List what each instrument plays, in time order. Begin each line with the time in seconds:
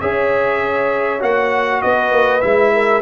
0.00 tuba C#4, trombone G#4, horn C#5, trumpet E5
1.19 tuba A#3, trombone F#4, trumpet F#5
1.81 tuba B3, horn B4, trumpet D#5
2.11 tuba A#3
2.41 tuba G#3, trombone E4, trumpet E5
2.73 horn A#4